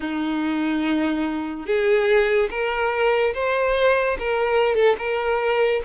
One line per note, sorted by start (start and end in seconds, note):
0.00 1.66 D#4
1.66 2.49 G#4
2.50 3.33 A#4
3.34 4.17 C5
4.19 4.75 A#4
4.75 4.96 A4
4.98 5.81 A#4